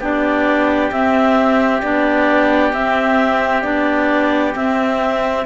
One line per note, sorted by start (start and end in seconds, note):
0.00 0.91 B3
0.00 0.93 D4
0.00 5.45 G4
0.00 0.92 D5
0.92 1.83 C4
0.92 1.82 E5
1.82 2.73 B3
1.82 2.74 D4
1.82 2.73 D5
2.73 3.64 C4
2.73 3.63 C4
2.73 3.62 E5
3.62 4.55 B3
3.62 4.54 D4
3.62 4.53 D5
4.55 5.46 C4
4.55 5.46 E5